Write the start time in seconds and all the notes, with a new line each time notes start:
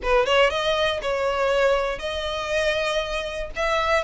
0.02 B4
0.25 C#5
0.50 D#5
1.02 C#5
1.98 D#5
3.55 E5